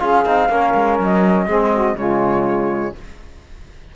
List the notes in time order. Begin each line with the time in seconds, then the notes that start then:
0.00 C#4 F4 G#4 F5
0.25 C4 D#4
0.49 A#3 C#4 A#4
0.75 G#3
0.99 F#3 D#5
1.47 G#3 C4 G#4
1.72 F#4
1.94 C#3 G#3 F4 C#5